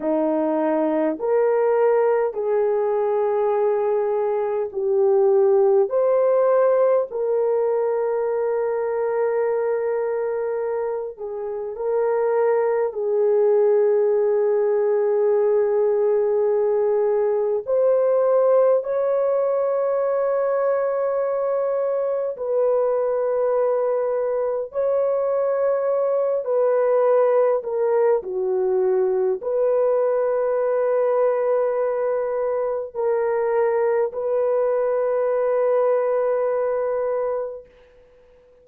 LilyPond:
\new Staff \with { instrumentName = "horn" } { \time 4/4 \tempo 4 = 51 dis'4 ais'4 gis'2 | g'4 c''4 ais'2~ | ais'4. gis'8 ais'4 gis'4~ | gis'2. c''4 |
cis''2. b'4~ | b'4 cis''4. b'4 ais'8 | fis'4 b'2. | ais'4 b'2. | }